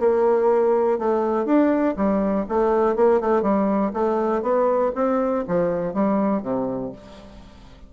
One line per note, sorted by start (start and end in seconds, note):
0.00 0.99 A#3
0.99 1.46 A3
1.46 1.95 D4
1.97 2.46 G3
2.49 2.96 A3
2.96 3.21 A#3
3.21 3.43 A3
3.43 3.92 G3
3.94 4.42 A3
4.42 4.92 B3
4.95 5.45 C4
5.48 5.94 F3
5.94 6.43 G3
6.43 6.92 C3